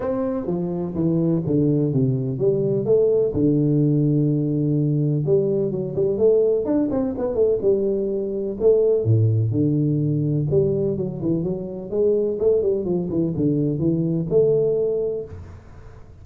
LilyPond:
\new Staff \with { instrumentName = "tuba" } { \time 4/4 \tempo 4 = 126 c'4 f4 e4 d4 | c4 g4 a4 d4~ | d2. g4 | fis8 g8 a4 d'8 c'8 b8 a8 |
g2 a4 a,4 | d2 g4 fis8 e8 | fis4 gis4 a8 g8 f8 e8 | d4 e4 a2 | }